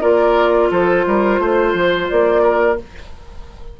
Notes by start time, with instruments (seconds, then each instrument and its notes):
0.00 bassoon A#3, clarinet F4, oboe A#4, flute D5
0.71 bassoon F3, oboe A4, flute C5
1.06 bassoon G3, oboe A#4
1.39 bassoon A3, oboe C5
1.73 bassoon F3
2.09 bassoon A#3, flute D5
2.42 oboe A#4